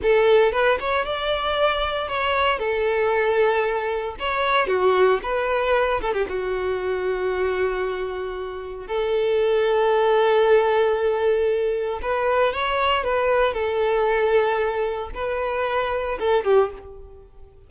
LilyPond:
\new Staff \with { instrumentName = "violin" } { \time 4/4 \tempo 4 = 115 a'4 b'8 cis''8 d''2 | cis''4 a'2. | cis''4 fis'4 b'4. a'16 g'16 | fis'1~ |
fis'4 a'2.~ | a'2. b'4 | cis''4 b'4 a'2~ | a'4 b'2 a'8 g'8 | }